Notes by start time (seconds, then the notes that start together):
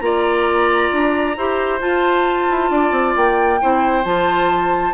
0.00 A#3 F4 D5 A#5
0.92 D4
1.37 E4 G4 C5
1.80 F4 A5
2.50 E4
2.70 D4 D5
2.91 C4
3.16 A#3 G5
3.60 C4 E4 C5
4.04 F3 F4 A5